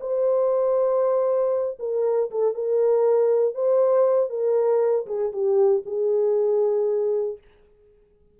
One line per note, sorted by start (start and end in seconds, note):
0.00 1.78 C5
1.79 2.30 A#4
2.30 2.54 A4
2.54 3.54 A#4
3.54 4.30 C5
4.30 5.06 A#4
5.06 5.32 G#4
5.32 5.83 G4
5.85 7.38 G#4